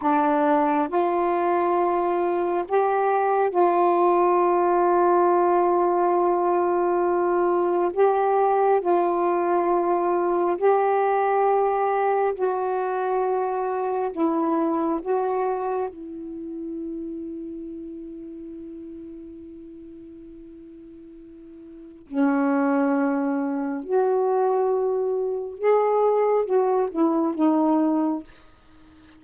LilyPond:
\new Staff \with { instrumentName = "saxophone" } { \time 4/4 \tempo 4 = 68 d'4 f'2 g'4 | f'1~ | f'4 g'4 f'2 | g'2 fis'2 |
e'4 fis'4 e'2~ | e'1~ | e'4 cis'2 fis'4~ | fis'4 gis'4 fis'8 e'8 dis'4 | }